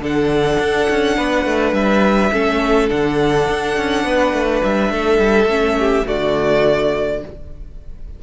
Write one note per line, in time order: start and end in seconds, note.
0.00 0.58 D3
0.00 2.32 D4
0.00 1.18 A4
0.00 1.74 F#5
0.60 0.88 D4
0.90 1.17 C#4
1.17 1.46 B3
1.17 2.33 B4
1.46 1.73 A3
1.73 2.31 G3
1.73 2.90 E5
2.33 2.91 A3
2.33 2.89 C#4
2.33 4.06 A4
2.89 3.49 D3
2.89 5.48 D4
2.89 4.63 F#5
3.50 3.78 D4
3.78 4.05 C#4
4.05 4.33 B3
4.05 4.92 B4
4.33 4.62 A3
4.63 4.91 G3
4.63 6.08 E5
4.91 5.19 A3
4.91 5.79 A4
5.19 5.46 G3
5.46 6.03 A3
5.46 6.06 C#4
5.79 6.07 G4
6.06 7.23 D3
6.06 7.21 A3
6.06 7.22 F#4
6.06 7.23 D5